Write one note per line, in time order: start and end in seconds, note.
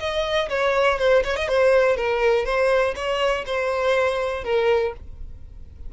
0.00 0.49 D#5
0.50 0.99 C#5
0.99 1.24 C5
1.25 1.37 C#5
1.37 1.49 D#5
1.49 1.97 C5
1.97 2.45 A#4
2.45 2.95 C5
2.96 3.45 C#5
3.46 4.45 C5
4.45 4.94 A#4